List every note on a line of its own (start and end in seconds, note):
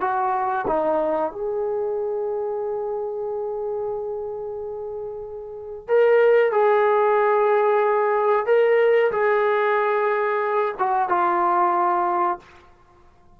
0.00 0.65 F#4
0.67 1.32 D#4
1.32 5.88 G#4
5.88 6.51 A#4
6.51 8.46 G#4
8.46 9.11 A#4
9.12 10.75 G#4
10.78 11.09 F#4
11.09 12.39 F4